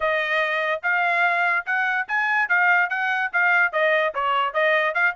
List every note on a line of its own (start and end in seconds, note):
0.00 0.81 D#5
0.83 1.65 F5
1.66 2.07 F#5
2.08 2.48 G#5
2.48 2.89 F5
2.89 3.31 F#5
3.33 3.72 F5
3.72 4.13 D#5
4.14 4.53 C#5
4.53 4.94 D#5
4.94 5.15 F5